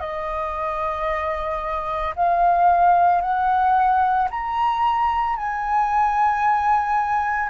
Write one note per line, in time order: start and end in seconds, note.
0.00 2.14 D#5
2.15 3.21 F5
3.21 4.28 F#5
4.30 5.36 A#5
5.36 7.49 G#5